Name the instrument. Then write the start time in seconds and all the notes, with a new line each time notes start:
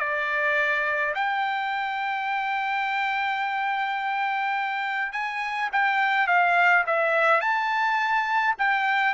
trumpet
0.00 D5
1.15 G5
5.13 G#5
5.73 G5
6.28 F5
6.87 E5
7.41 A5
8.59 G5